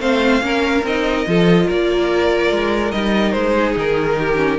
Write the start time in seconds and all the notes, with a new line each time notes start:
0.00 A3 C4 C5 F5
0.41 A#3 C#4 A#4
0.83 C4 D#4 D#5
1.26 F3 F4 A4
1.66 A#3 A#4 D5
2.51 G#3
2.91 G3 D#4 D#5
3.31 G#3 C5
3.54 G#4
3.76 D#3 A#4
4.19 G4
4.36 C#4